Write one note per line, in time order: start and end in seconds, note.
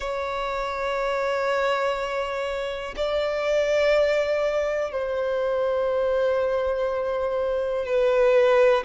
0.00 2.94 C#5
2.96 4.92 D5
4.92 7.85 C5
7.85 8.83 B4